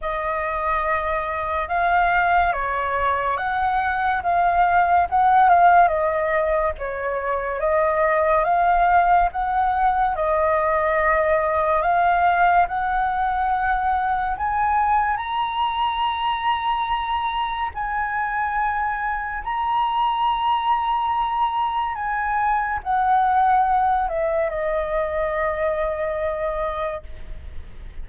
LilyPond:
\new Staff \with { instrumentName = "flute" } { \time 4/4 \tempo 4 = 71 dis''2 f''4 cis''4 | fis''4 f''4 fis''8 f''8 dis''4 | cis''4 dis''4 f''4 fis''4 | dis''2 f''4 fis''4~ |
fis''4 gis''4 ais''2~ | ais''4 gis''2 ais''4~ | ais''2 gis''4 fis''4~ | fis''8 e''8 dis''2. | }